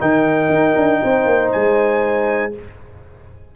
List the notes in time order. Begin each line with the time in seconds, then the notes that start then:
0.00 D#3 D#4 A#4 G5
0.50 D#4
0.76 D4
1.03 C4 C5
1.25 A#3
1.52 G#3 G#5